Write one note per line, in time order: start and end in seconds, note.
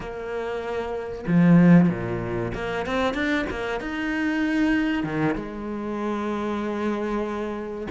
0.00 1.25 A#3
1.27 1.89 F3
1.89 2.52 A#2
2.54 2.86 A#3
2.86 3.13 C4
3.13 3.45 D4
3.49 3.80 A#3
3.80 5.03 D#4
5.03 5.35 D#3
5.35 7.87 G#3